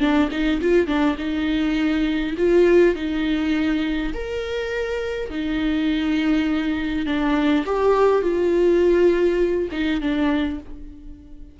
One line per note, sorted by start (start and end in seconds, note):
0.00 0.29 D4
0.31 0.61 D#4
0.61 0.87 F4
0.87 1.16 D4
1.18 2.36 D#4
2.38 2.95 F4
2.95 4.13 D#4
4.14 5.30 A#4
5.30 7.06 D#4
7.06 7.65 D4
7.66 8.22 G4
8.22 9.69 F4
9.72 10.01 D#4
10.01 10.60 D4